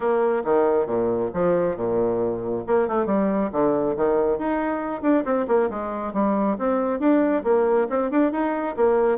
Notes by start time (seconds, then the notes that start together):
0.00 A#3
0.44 D#3
0.86 A#2
1.33 F3
1.76 A#2
2.66 A#3
2.87 A3
3.06 G3
3.52 D3
3.96 D#3
4.38 D#4
5.02 D4
5.24 C4
5.47 A#3
5.70 G#3
6.13 G3
6.58 C4
6.99 D4
7.43 A#3
7.89 C4
8.11 D4
8.32 D#4
8.76 A#3